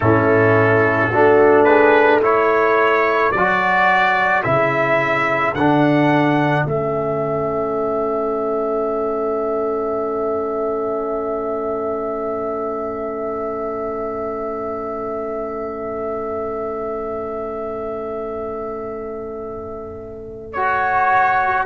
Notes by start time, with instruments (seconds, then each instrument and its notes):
0.00 tuba A2, trombone C#4, horn E4, trumpet A4
1.10 tuba A3, trombone D4, horn F#4
1.64 horn G#4, trumpet B4
2.22 trombone E4, horn A4, trumpet C#5
3.31 tuba F#3, trumpet D5
3.37 trombone F#4
4.43 tuba C#3, trombone E4, trumpet E5
5.53 tuba D3, trombone D4, trumpet F#5
6.65 tuba A3, trombone C#4, trumpet E5
20.53 trombone F#4, trumpet C#5